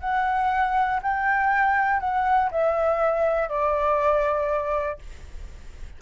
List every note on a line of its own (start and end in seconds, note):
0.00 1.00 F#5
1.02 2.00 G5
2.00 2.50 F#5
2.51 3.49 E5
3.49 4.99 D5